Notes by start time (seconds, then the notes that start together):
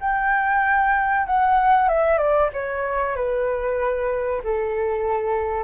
0.00 G5
1.26 F#5
1.88 E5
2.18 D5
2.53 C#5
3.15 B4
4.44 A4